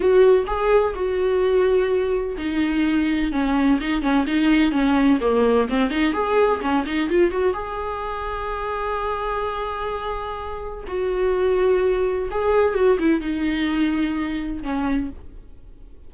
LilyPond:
\new Staff \with { instrumentName = "viola" } { \time 4/4 \tempo 4 = 127 fis'4 gis'4 fis'2~ | fis'4 dis'2 cis'4 | dis'8 cis'8 dis'4 cis'4 ais4 | c'8 dis'8 gis'4 cis'8 dis'8 f'8 fis'8 |
gis'1~ | gis'2. fis'4~ | fis'2 gis'4 fis'8 e'8 | dis'2. cis'4 | }